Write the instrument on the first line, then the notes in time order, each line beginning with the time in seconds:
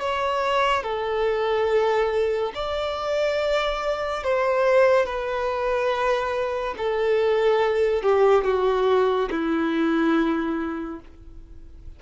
violin
0.00 C#5
0.83 A4
2.54 D5
4.23 C5
5.06 B4
6.77 A4
8.02 G4
8.44 F#4
9.30 E4